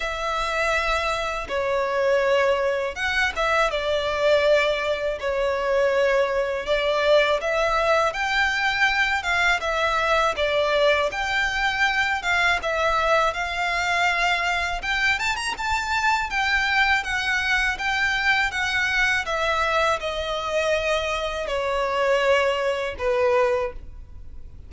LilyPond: \new Staff \with { instrumentName = "violin" } { \time 4/4 \tempo 4 = 81 e''2 cis''2 | fis''8 e''8 d''2 cis''4~ | cis''4 d''4 e''4 g''4~ | g''8 f''8 e''4 d''4 g''4~ |
g''8 f''8 e''4 f''2 | g''8 a''16 ais''16 a''4 g''4 fis''4 | g''4 fis''4 e''4 dis''4~ | dis''4 cis''2 b'4 | }